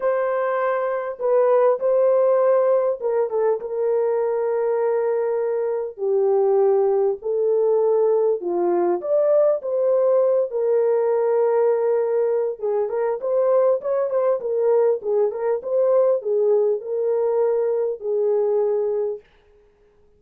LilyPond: \new Staff \with { instrumentName = "horn" } { \time 4/4 \tempo 4 = 100 c''2 b'4 c''4~ | c''4 ais'8 a'8 ais'2~ | ais'2 g'2 | a'2 f'4 d''4 |
c''4. ais'2~ ais'8~ | ais'4 gis'8 ais'8 c''4 cis''8 c''8 | ais'4 gis'8 ais'8 c''4 gis'4 | ais'2 gis'2 | }